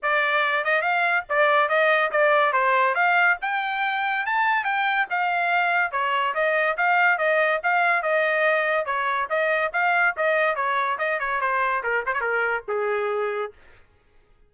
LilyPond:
\new Staff \with { instrumentName = "trumpet" } { \time 4/4 \tempo 4 = 142 d''4. dis''8 f''4 d''4 | dis''4 d''4 c''4 f''4 | g''2 a''4 g''4 | f''2 cis''4 dis''4 |
f''4 dis''4 f''4 dis''4~ | dis''4 cis''4 dis''4 f''4 | dis''4 cis''4 dis''8 cis''8 c''4 | ais'8 c''16 cis''16 ais'4 gis'2 | }